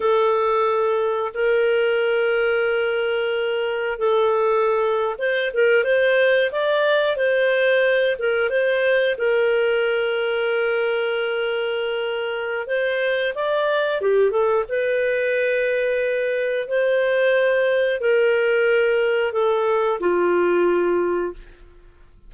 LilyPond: \new Staff \with { instrumentName = "clarinet" } { \time 4/4 \tempo 4 = 90 a'2 ais'2~ | ais'2 a'4.~ a'16 c''16~ | c''16 ais'8 c''4 d''4 c''4~ c''16~ | c''16 ais'8 c''4 ais'2~ ais'16~ |
ais'2. c''4 | d''4 g'8 a'8 b'2~ | b'4 c''2 ais'4~ | ais'4 a'4 f'2 | }